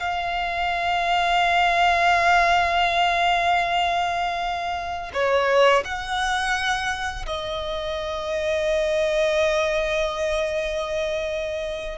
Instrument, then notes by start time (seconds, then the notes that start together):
violin
0.00 F5
5.14 C#5
5.85 F#5
7.27 D#5